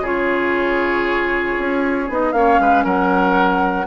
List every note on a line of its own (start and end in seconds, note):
0.00 1.54 C#3
0.00 2.09 F4
0.00 2.32 G#4
0.00 2.11 C#5
1.58 2.09 C#4
2.09 2.32 B3
2.09 2.33 D#4
2.09 2.32 D#5
2.32 2.58 A#3
2.32 3.86 C#4
2.32 2.61 C#5
2.32 2.83 F5
2.59 2.84 G#3
2.59 2.84 B4
2.84 3.86 F#3
2.84 3.86 A#4
2.84 3.86 F#5